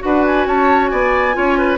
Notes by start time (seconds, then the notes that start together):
0.00 D4 F#4 B4 F#5
0.26 G#5
0.46 C#4 C#5 A5
0.88 B3 D5 G#5
1.33 C#4 F4 C#5
1.58 B4